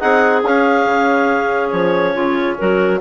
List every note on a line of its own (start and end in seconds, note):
0.00 0.44 C4
0.00 0.43 D#4
0.00 2.14 G#4
0.00 0.43 F#5
0.44 0.85 C#4
0.44 3.01 C#4
0.44 1.70 F5
0.85 1.71 C#3
1.70 2.15 F3
1.70 2.56 C#5
2.14 2.58 C#3
2.14 2.57 F4
2.58 3.01 F#3
2.58 3.01 F#4
2.58 3.01 A#4